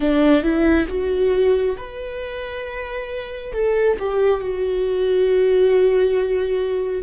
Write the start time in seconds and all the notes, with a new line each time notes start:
0.00 D4
0.42 E4
0.88 F#4
1.76 B4
3.52 A4
3.99 G4
4.40 F#4